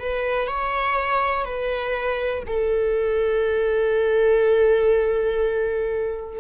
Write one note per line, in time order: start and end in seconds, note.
0.00 0.48 B4
0.48 1.46 C#5
1.46 2.44 B4
2.47 6.41 A4